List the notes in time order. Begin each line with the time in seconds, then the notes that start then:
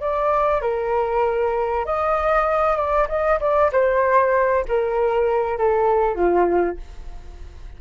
0.00 D5
0.61 A#4
1.85 D#5
2.76 D5
3.08 D#5
3.40 D5
3.72 C5
4.68 A#4
5.58 A4
6.15 F4